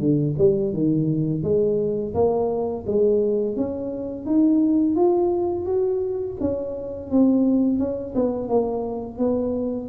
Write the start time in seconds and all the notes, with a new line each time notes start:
0.00 D3
0.39 G3
0.73 D#3
1.43 G#3
2.14 A#3
2.87 G#3
3.56 C#4
4.26 D#4
4.96 F4
5.66 F#4
6.40 C#4
7.11 C4
7.79 C#4
8.15 B3
8.49 A#3
9.19 B3